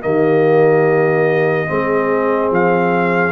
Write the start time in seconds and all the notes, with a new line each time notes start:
0.00 D#3 A#3 G4 D#5
1.66 G#3 C4 G#4
2.51 F3 F5